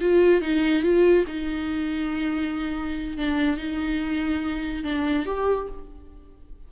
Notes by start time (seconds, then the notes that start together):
0.00 F4
0.41 D#4
0.82 F4
1.27 D#4
3.17 D4
3.57 D#4
4.83 D4
5.25 G4